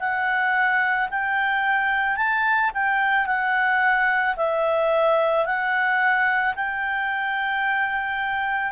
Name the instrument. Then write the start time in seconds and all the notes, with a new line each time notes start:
clarinet
0.00 F#5
1.11 G5
2.17 A5
2.74 G5
3.27 F#5
4.37 E5
5.46 F#5
6.56 G5